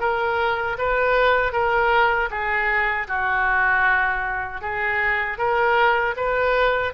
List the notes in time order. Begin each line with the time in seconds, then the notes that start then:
0.00 A#4
0.78 B4
1.52 A#4
2.30 G#4
3.07 F#4
4.61 G#4
5.38 A#4
6.16 B4